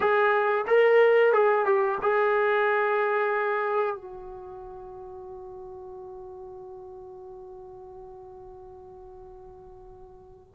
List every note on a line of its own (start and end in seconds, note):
0.00 0.65 G#4
0.67 1.32 A#4
1.32 1.65 G#4
1.65 1.98 G4
2.01 3.95 G#4
3.95 10.54 F#4